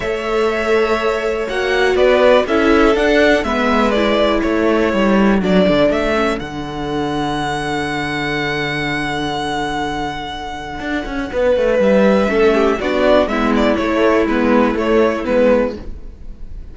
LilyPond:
<<
  \new Staff \with { instrumentName = "violin" } { \time 4/4 \tempo 4 = 122 e''2. fis''4 | d''4 e''4 fis''4 e''4 | d''4 cis''2 d''4 | e''4 fis''2.~ |
fis''1~ | fis''1 | e''2 d''4 e''8 d''8 | cis''4 b'4 cis''4 b'4 | }
  \new Staff \with { instrumentName = "violin" } { \time 4/4 cis''1 | b'4 a'2 b'4~ | b'4 a'2.~ | a'1~ |
a'1~ | a'2. b'4~ | b'4 a'8 g'8 fis'4 e'4~ | e'1 | }
  \new Staff \with { instrumentName = "viola" } { \time 4/4 a'2. fis'4~ | fis'4 e'4 d'4 b4 | e'2. d'4~ | d'8 cis'8 d'2.~ |
d'1~ | d'1~ | d'4 cis'4 d'4 b4 | a4 b4 a4 b4 | }
  \new Staff \with { instrumentName = "cello" } { \time 4/4 a2. ais4 | b4 cis'4 d'4 gis4~ | gis4 a4 g4 fis8 d8 | a4 d2.~ |
d1~ | d2 d'8 cis'8 b8 a8 | g4 a4 b4 gis4 | a4 gis4 a4 gis4 | }
>>